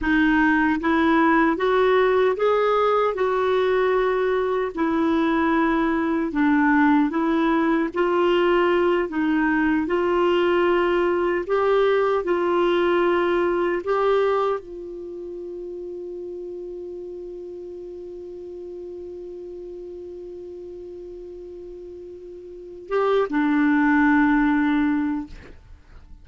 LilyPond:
\new Staff \with { instrumentName = "clarinet" } { \time 4/4 \tempo 4 = 76 dis'4 e'4 fis'4 gis'4 | fis'2 e'2 | d'4 e'4 f'4. dis'8~ | dis'8 f'2 g'4 f'8~ |
f'4. g'4 f'4.~ | f'1~ | f'1~ | f'4 g'8 d'2~ d'8 | }